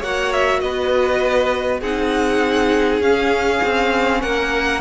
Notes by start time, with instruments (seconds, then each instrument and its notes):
0.00 cello A#3, viola F#4, violin C#5 F#5
0.33 violin E5
0.60 cello B3, violin B4 D#5
1.81 cello C4, viola D#4, violin G#4 F#5
3.01 cello C#4, viola C#4, violin F5
3.64 cello C4
4.21 cello A#3, violin A#4 F#5